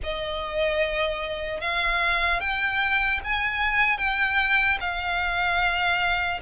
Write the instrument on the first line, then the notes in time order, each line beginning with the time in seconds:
violin
0.03 D#5
1.60 F5
2.40 G5
3.24 G#5
3.97 G5
4.80 F5